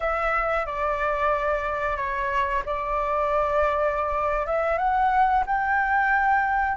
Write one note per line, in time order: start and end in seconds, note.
0.00 0.66 E5
0.66 1.96 D5
1.96 2.62 C#5
2.65 4.46 D5
4.46 4.77 E5
4.77 5.43 F#5
5.46 6.77 G5